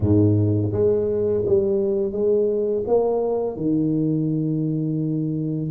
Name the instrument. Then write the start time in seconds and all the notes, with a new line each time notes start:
tuba
0.00 G#2
0.72 G#3
1.45 G3
2.11 G#3
2.87 A#3
3.56 D#3